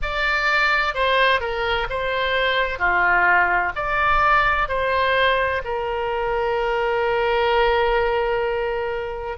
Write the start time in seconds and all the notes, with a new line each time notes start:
0.02 D5
0.94 C5
1.40 A#4
1.89 C5
2.78 F4
3.75 D5
4.68 C5
5.64 A#4